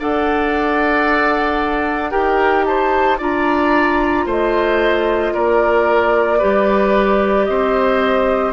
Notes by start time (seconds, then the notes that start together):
0.00 D4 A4 D5 F#5
2.11 D#4 G4 A#4 G5
2.65 C5 A5
3.18 D4 F4 D5 A#5
4.26 A3 C5 D#5
5.34 A#3 A#4 D5
6.39 G3 G4 B4
7.46 C4 C5 D#5